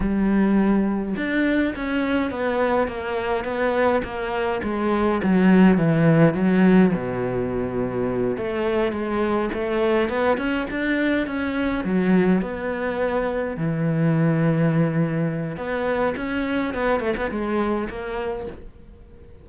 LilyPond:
\new Staff \with { instrumentName = "cello" } { \time 4/4 \tempo 4 = 104 g2 d'4 cis'4 | b4 ais4 b4 ais4 | gis4 fis4 e4 fis4 | b,2~ b,8 a4 gis8~ |
gis8 a4 b8 cis'8 d'4 cis'8~ | cis'8 fis4 b2 e8~ | e2. b4 | cis'4 b8 a16 b16 gis4 ais4 | }